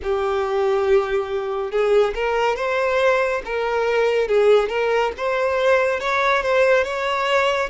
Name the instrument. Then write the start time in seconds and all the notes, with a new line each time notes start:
violin
0.02 G4
1.71 G#4
2.14 A#4
2.56 C5
3.45 A#4
4.27 G#4
4.69 A#4
5.17 C5
6.00 C#5
6.42 C5
6.84 C#5